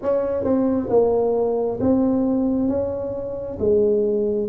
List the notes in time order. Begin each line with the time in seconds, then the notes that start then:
0.02 C#4
0.44 C4
0.90 A#3
1.80 C4
2.68 C#4
3.59 G#3